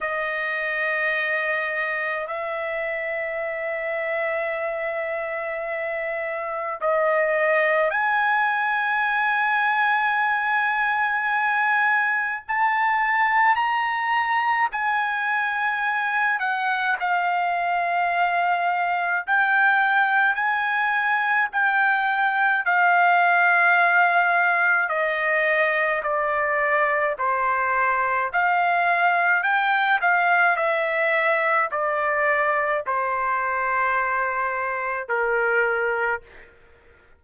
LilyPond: \new Staff \with { instrumentName = "trumpet" } { \time 4/4 \tempo 4 = 53 dis''2 e''2~ | e''2 dis''4 gis''4~ | gis''2. a''4 | ais''4 gis''4. fis''8 f''4~ |
f''4 g''4 gis''4 g''4 | f''2 dis''4 d''4 | c''4 f''4 g''8 f''8 e''4 | d''4 c''2 ais'4 | }